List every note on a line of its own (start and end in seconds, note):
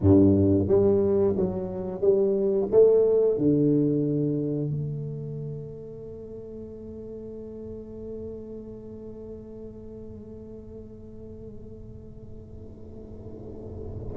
0.00 0.67 G2
0.67 1.35 G3
1.36 2.01 F#3
2.01 2.68 G3
2.71 3.37 A3
3.37 4.70 D3
4.70 14.14 A3